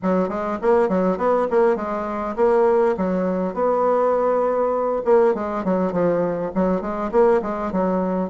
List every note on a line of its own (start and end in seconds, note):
0.02 0.28 F#3
0.28 0.58 G#3
0.61 0.88 A#3
0.88 1.17 F#3
1.17 1.47 B3
1.50 1.76 A#3
1.76 2.35 G#3
2.36 2.95 A#3
2.97 3.53 F#3
3.53 5.02 B3
5.04 5.34 A#3
5.34 5.64 G#3
5.64 5.92 F#3
5.92 6.51 F3
6.54 6.81 F#3
6.81 7.10 G#3
7.11 7.41 A#3
7.42 7.71 G#3
7.72 8.30 F#3